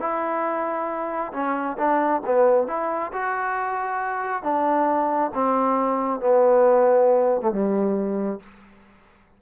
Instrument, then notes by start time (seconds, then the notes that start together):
trombone
0.00 E4
1.33 C#4
1.78 D4
2.26 B3
2.68 E4
3.13 F#4
4.43 D4
5.34 C4
6.20 B3
7.41 A3
7.52 G3